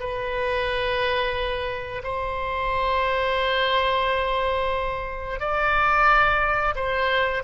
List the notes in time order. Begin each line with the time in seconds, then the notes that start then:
0.00 B4
2.04 C5
5.40 D5
6.76 C5